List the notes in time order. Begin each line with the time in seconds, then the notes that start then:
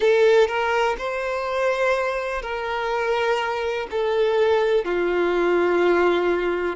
0.00 A4
0.47 A#4
0.98 C5
2.41 A#4
3.91 A4
4.84 F4